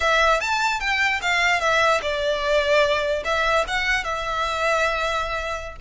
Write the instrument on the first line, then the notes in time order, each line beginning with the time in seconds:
violin
0.00 E5
0.40 A5
0.80 G5
1.21 F5
1.60 E5
2.02 D5
3.24 E5
3.67 F#5
4.03 E5